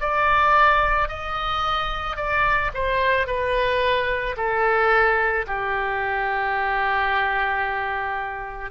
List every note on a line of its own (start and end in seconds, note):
0.00 1.08 D5
1.08 2.16 D#5
2.16 2.71 D5
2.74 3.27 C5
3.27 4.36 B4
4.36 5.45 A4
5.46 8.71 G4